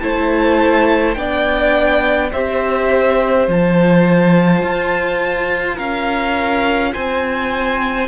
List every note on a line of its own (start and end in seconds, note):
0.00 1.17 A3
0.00 1.16 E4
0.00 1.18 C5
0.00 1.15 A5
1.15 2.32 B3
1.15 2.32 D4
1.15 2.32 D5
1.15 2.30 G5
2.32 3.48 C4
2.32 3.49 G4
2.32 5.76 C5
2.32 3.48 E5
3.48 4.62 F3
3.48 8.08 F4
3.48 5.79 A5
4.62 5.78 F4
5.76 6.94 C#4
5.76 6.91 A#4
5.76 6.94 F5
6.93 8.08 C4
6.93 8.08 C5
6.93 8.08 G#5